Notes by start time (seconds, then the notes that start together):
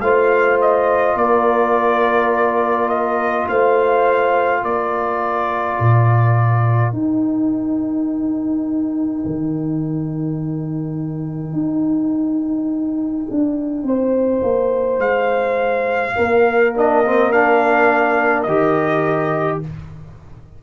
0.00 A3 F4 C5 F5
0.61 D#5
1.15 A#3 A#4 D5
2.89 D#5
3.48 A3 C5 F5
4.61 A#3 A#4 D5
5.80 A#2
6.93 D#4 G5
9.25 D#3
11.53 D#4
13.30 D4
13.83 C4 C5
14.43 A#3
14.98 G#3 F5
16.16 A#3 A#4
16.75 D4 D#5
17.05 C4
17.31 D4 F5
18.43 D#3 G4 D#5